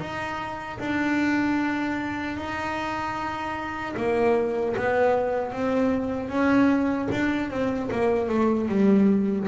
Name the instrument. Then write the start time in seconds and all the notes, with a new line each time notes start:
double bass
0.00 D#4
0.80 D4
2.37 D#4
3.97 A#3
4.77 B3
5.52 C4
6.29 C#4
7.12 D4
7.50 C4
7.91 A#3
8.29 A3
8.69 G3